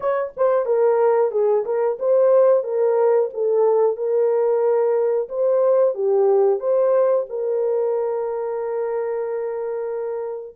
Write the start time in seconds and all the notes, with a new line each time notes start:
0.00 C#5
0.36 C5
0.65 A#4
1.31 G#4
1.65 A#4
1.99 C5
2.63 A#4
3.33 A4
3.96 A#4
5.29 C5
5.94 G4
6.59 C5
7.29 A#4